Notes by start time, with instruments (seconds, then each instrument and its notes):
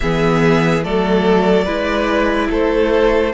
0.00 cello E3, viola B3, violin G#4 E5
0.82 cello F#3, viola A3, violin A4 D5
1.64 cello G#3, viola E4, violin B4
2.50 cello A3, violin A4 C5